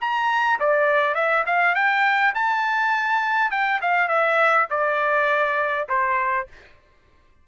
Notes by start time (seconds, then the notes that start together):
0.00 A#5
0.59 D5
1.14 E5
1.46 F5
1.75 G5
2.34 A5
3.51 G5
3.81 F5
4.08 E5
4.70 D5
5.88 C5